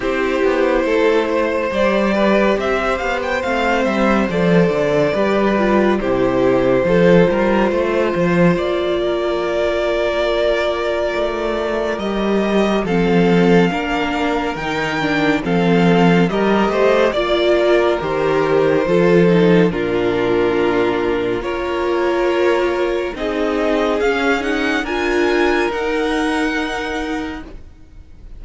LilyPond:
<<
  \new Staff \with { instrumentName = "violin" } { \time 4/4 \tempo 4 = 70 c''2 d''4 e''8 f''16 g''16 | f''8 e''8 d''2 c''4~ | c''2 d''2~ | d''2 dis''4 f''4~ |
f''4 g''4 f''4 dis''4 | d''4 c''2 ais'4~ | ais'4 cis''2 dis''4 | f''8 fis''8 gis''4 fis''2 | }
  \new Staff \with { instrumentName = "violin" } { \time 4/4 g'4 a'8 c''4 b'8 c''4~ | c''2 b'4 g'4 | a'8 ais'8 c''4. ais'4.~ | ais'2. a'4 |
ais'2 a'4 ais'8 c''8 | d''8 ais'4. a'4 f'4~ | f'4 ais'2 gis'4~ | gis'4 ais'2. | }
  \new Staff \with { instrumentName = "viola" } { \time 4/4 e'2 g'2 | c'4 a'4 g'8 f'8 e'4 | f'1~ | f'2 g'4 c'4 |
d'4 dis'8 d'8 c'4 g'4 | f'4 g'4 f'8 dis'8 d'4~ | d'4 f'2 dis'4 | cis'8 dis'8 f'4 dis'2 | }
  \new Staff \with { instrumentName = "cello" } { \time 4/4 c'8 b8 a4 g4 c'8 b8 | a8 g8 f8 d8 g4 c4 | f8 g8 a8 f8 ais2~ | ais4 a4 g4 f4 |
ais4 dis4 f4 g8 a8 | ais4 dis4 f4 ais,4~ | ais,4 ais2 c'4 | cis'4 d'4 dis'2 | }
>>